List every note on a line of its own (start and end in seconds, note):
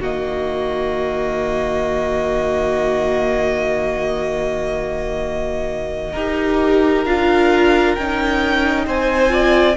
0.00 6.14 D#3
0.00 6.16 A#3
0.00 6.13 F#4
0.00 7.05 D#5
6.13 7.06 D#4
6.13 7.07 G4
6.13 8.85 A#4
7.05 7.97 D4
7.05 7.98 F4
7.05 7.95 F5
7.95 8.87 C#4
7.95 9.29 D#4
7.95 8.86 G5
8.87 9.77 C4
8.87 9.33 C5
8.87 9.77 G#5
9.29 9.75 F4
9.29 9.77 D5